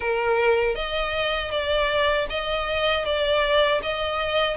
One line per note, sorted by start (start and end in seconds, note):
0.00 0.75 A#4
0.75 1.51 D#5
1.51 2.27 D5
2.29 3.05 D#5
3.05 3.81 D5
3.82 4.56 D#5